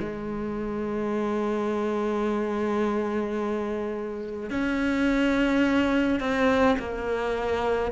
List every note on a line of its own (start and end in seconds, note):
0.00 4.51 G#3
4.51 6.21 C#4
6.21 6.77 C4
6.79 7.92 A#3